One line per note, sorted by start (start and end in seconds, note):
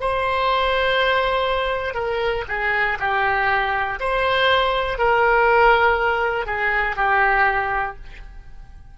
0.00 1.94 C5
1.94 2.44 A#4
2.48 2.98 G#4
2.99 3.99 G4
4.00 4.98 C5
4.98 6.46 A#4
6.46 6.96 G#4
6.96 7.96 G4